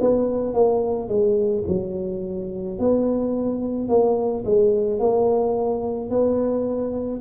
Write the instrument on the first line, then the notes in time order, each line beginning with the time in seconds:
tuba
0.00 B3
0.54 A#3
1.08 G#3
1.67 F#3
2.78 B3
3.88 A#3
4.44 G#3
4.98 A#3
6.09 B3